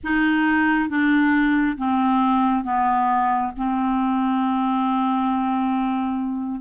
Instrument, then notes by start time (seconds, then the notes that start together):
clarinet
0.03 D#4
0.89 D4
1.77 C4
2.64 B3
3.57 C4